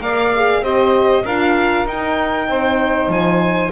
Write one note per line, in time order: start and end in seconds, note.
0.00 0.61 A#3
0.00 0.31 A#4
0.00 0.62 D5
0.00 0.63 F5
0.36 0.63 G#4
0.61 1.23 C4
0.61 1.25 G4
0.61 1.24 C5
0.61 1.25 D#5
1.24 1.86 D4
1.24 1.87 F4
1.24 2.47 A#4
1.24 1.87 F5
1.86 2.47 D#4
1.86 3.71 D#4
1.86 3.11 G5
2.47 3.08 C4
2.47 3.71 C5
3.08 3.69 F3
3.08 3.71 G#5